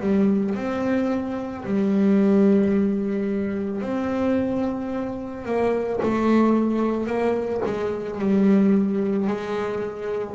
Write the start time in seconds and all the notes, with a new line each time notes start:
0.00 G3
0.55 C4
1.64 G3
3.81 C4
5.45 A#3
6.02 A3
7.06 A#3
7.65 G#3
8.19 G3
9.27 G#3